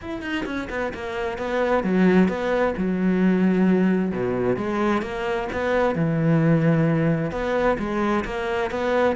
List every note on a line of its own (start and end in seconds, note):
0.01 0.22 E4
0.22 0.45 D#4
0.45 0.68 C#4
0.69 0.92 B3
0.93 1.38 A#3
1.38 1.83 B3
1.83 2.28 F#3
2.28 2.74 B3
2.77 4.11 F#3
4.11 4.56 B2
4.56 5.02 G#3
5.02 5.48 A#3
5.52 5.95 B3
5.95 7.31 E3
7.31 7.77 B3
7.78 8.24 G#3
8.24 8.70 A#3
8.70 9.16 B3